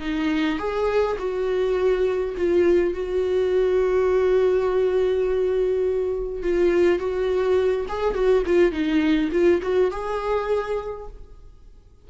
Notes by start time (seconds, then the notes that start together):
0.00 D#4
0.58 G#4
1.18 F#4
2.36 F4
2.93 F#4
6.42 F4
6.98 F#4
7.88 G#4
8.14 F#4
8.46 F4
8.71 D#4
9.32 F4
9.62 F#4
9.91 G#4